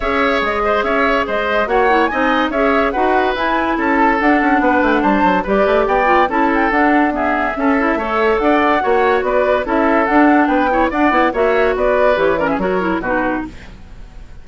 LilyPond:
<<
  \new Staff \with { instrumentName = "flute" } { \time 4/4 \tempo 4 = 143 e''4 dis''4 e''4 dis''4 | fis''4 gis''4 e''4 fis''4 | gis''4 a''4 fis''4. g''16 fis''16 | a''4 d''4 g''4 a''8 g''8 |
fis''4 e''2. | fis''2 d''4 e''4 | fis''4 g''4 fis''4 e''4 | d''4 cis''8 d''16 e''16 cis''4 b'4 | }
  \new Staff \with { instrumentName = "oboe" } { \time 4/4 cis''4. c''8 cis''4 c''4 | cis''4 dis''4 cis''4 b'4~ | b'4 a'2 b'4 | c''4 b'4 d''4 a'4~ |
a'4 gis'4 a'4 cis''4 | d''4 cis''4 b'4 a'4~ | a'4 b'8 cis''8 d''4 cis''4 | b'4. ais'16 gis'16 ais'4 fis'4 | }
  \new Staff \with { instrumentName = "clarinet" } { \time 4/4 gis'1 | fis'8 e'8 dis'4 gis'4 fis'4 | e'2 d'2~ | d'4 g'4. f'8 e'4 |
d'4 b4 cis'8 e'8 a'4~ | a'4 fis'2 e'4 | d'4. e'8 d'8 e'8 fis'4~ | fis'4 g'8 cis'8 fis'8 e'8 dis'4 | }
  \new Staff \with { instrumentName = "bassoon" } { \time 4/4 cis'4 gis4 cis'4 gis4 | ais4 c'4 cis'4 dis'4 | e'4 cis'4 d'8 cis'8 b8 a8 | g8 fis8 g8 a8 b4 cis'4 |
d'2 cis'4 a4 | d'4 ais4 b4 cis'4 | d'4 b4 d'8 b8 ais4 | b4 e4 fis4 b,4 | }
>>